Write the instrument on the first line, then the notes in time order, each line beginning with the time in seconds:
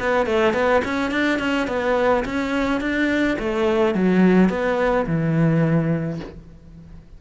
cello
0.00 B3
0.27 A3
0.54 B3
0.85 C#4
1.11 D4
1.39 C#4
1.68 B3
2.25 C#4
2.81 D4
3.40 A3
3.95 F#3
4.50 B3
5.07 E3